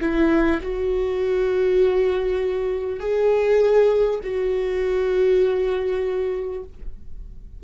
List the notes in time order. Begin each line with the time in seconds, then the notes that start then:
0.00 E4
0.62 F#4
2.99 G#4
4.23 F#4